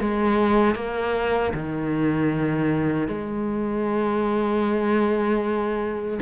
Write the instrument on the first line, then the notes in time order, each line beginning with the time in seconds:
cello
0.00 G#3
0.75 A#3
1.54 D#3
3.08 G#3